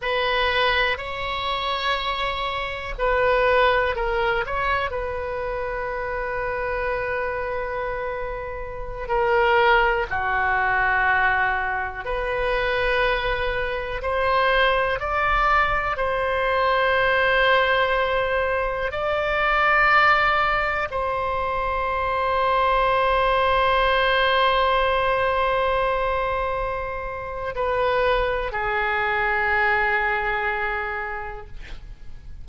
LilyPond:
\new Staff \with { instrumentName = "oboe" } { \time 4/4 \tempo 4 = 61 b'4 cis''2 b'4 | ais'8 cis''8 b'2.~ | b'4~ b'16 ais'4 fis'4.~ fis'16~ | fis'16 b'2 c''4 d''8.~ |
d''16 c''2. d''8.~ | d''4~ d''16 c''2~ c''8.~ | c''1 | b'4 gis'2. | }